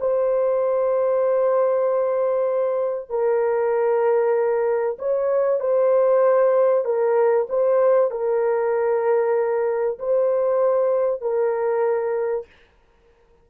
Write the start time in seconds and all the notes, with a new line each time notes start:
0.00 C5
3.09 A#4
4.99 C#5
5.60 C5
6.85 A#4
7.49 C5
8.11 A#4
9.99 C5
11.21 A#4